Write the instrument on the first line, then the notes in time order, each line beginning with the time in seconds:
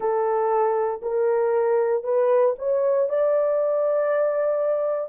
horn
0.00 A4
1.02 A#4
2.03 B4
2.58 C#5
3.09 D5